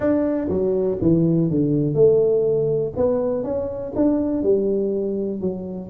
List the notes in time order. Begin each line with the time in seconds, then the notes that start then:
0.00 D4
0.49 F#3
1.01 E3
1.50 D3
1.94 A3
2.96 B3
3.43 C#4
3.95 D4
4.42 G3
5.41 F#3